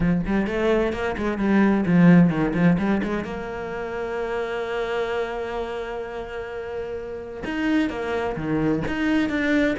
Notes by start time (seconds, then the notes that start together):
0.00 F3
0.26 G3
0.46 A3
0.92 A#3
1.17 G#3
1.38 G3
1.86 F3
2.30 D#3
2.53 F3
2.78 G3
3.03 G#3
3.24 A#3
7.44 D#4
7.89 A#3
8.36 D#3
8.87 D#4
9.29 D4